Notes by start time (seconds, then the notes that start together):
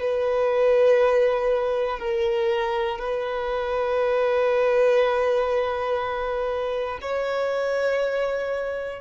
0.00 B4
1.99 A#4
2.99 B4
7.01 C#5